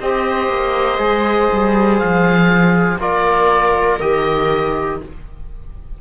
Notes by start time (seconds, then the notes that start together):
0.00 C4 G4 C5 D#5
0.49 A#3
0.98 G#3 G#4
1.52 G3
1.98 F3 F5
2.98 A#3 F4 A#4 D5
4.00 D#3 G4 D#5